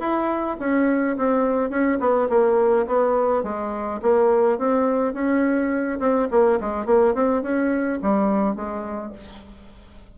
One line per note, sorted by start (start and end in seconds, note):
0.00 0.57 E4
0.60 1.17 C#4
1.18 1.70 C4
1.70 1.99 C#4
2.00 2.29 B3
2.30 2.87 A#3
2.87 3.44 B3
3.44 4.01 G#3
4.02 4.59 A#3
4.59 5.14 C4
5.14 5.99 C#4
6.00 6.29 C4
6.31 6.60 A#3
6.61 6.86 G#3
6.86 7.15 A#3
7.15 7.43 C4
7.43 8.00 C#4
8.02 8.56 G3
8.56 9.13 G#3